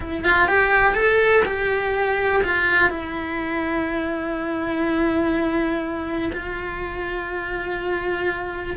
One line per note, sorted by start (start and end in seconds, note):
0.00 0.24 E4
0.24 0.48 F4
0.48 0.94 G4
0.94 1.43 A4
1.45 2.42 G4
2.43 2.90 F4
2.90 6.31 E4
6.33 8.76 F4